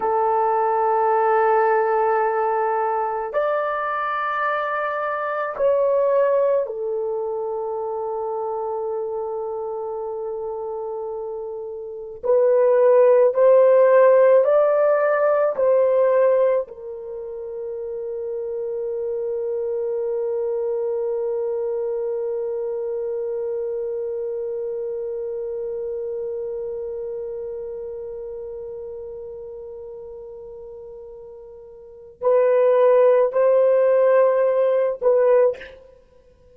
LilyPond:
\new Staff \with { instrumentName = "horn" } { \time 4/4 \tempo 4 = 54 a'2. d''4~ | d''4 cis''4 a'2~ | a'2. b'4 | c''4 d''4 c''4 ais'4~ |
ais'1~ | ais'1~ | ais'1~ | ais'4 b'4 c''4. b'8 | }